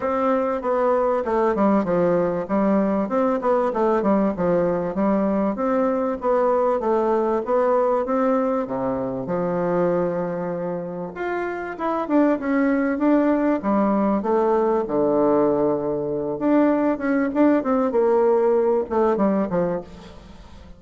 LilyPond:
\new Staff \with { instrumentName = "bassoon" } { \time 4/4 \tempo 4 = 97 c'4 b4 a8 g8 f4 | g4 c'8 b8 a8 g8 f4 | g4 c'4 b4 a4 | b4 c'4 c4 f4~ |
f2 f'4 e'8 d'8 | cis'4 d'4 g4 a4 | d2~ d8 d'4 cis'8 | d'8 c'8 ais4. a8 g8 f8 | }